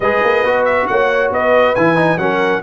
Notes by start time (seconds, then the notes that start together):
0.00 G#3 G#4 B4 D#5
0.23 A#3
0.43 B3 F#4
0.65 E5
0.87 A#3 C#5 F#5
1.30 B3 B4 D#5
1.75 E3 E4 G#5
1.96 D#4
2.17 F#3 C#4 A#4 F#5